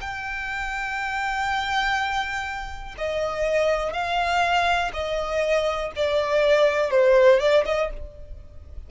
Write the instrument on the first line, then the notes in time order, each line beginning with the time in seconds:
violin
0.00 G5
2.98 D#5
3.93 F5
4.93 D#5
5.96 D5
6.90 C5
7.39 D5
7.65 D#5